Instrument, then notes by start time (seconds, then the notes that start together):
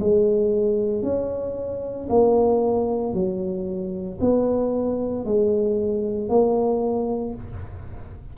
tuba
0.00 G#3
1.03 C#4
2.10 A#3
3.14 F#3
4.21 B3
5.25 G#3
6.30 A#3